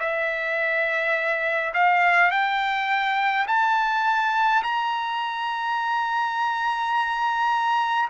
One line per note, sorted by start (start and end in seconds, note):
0.00 1.73 E5
1.74 2.31 F5
2.31 3.46 G5
3.47 4.63 A5
4.63 8.09 A#5